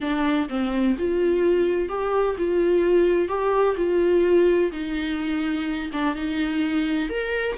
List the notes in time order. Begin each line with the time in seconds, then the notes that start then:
0.01 D4
0.49 C4
0.98 F4
1.88 G4
2.38 F4
3.28 G4
3.76 F4
4.72 D#4
5.92 D4
6.15 D#4
7.09 A#4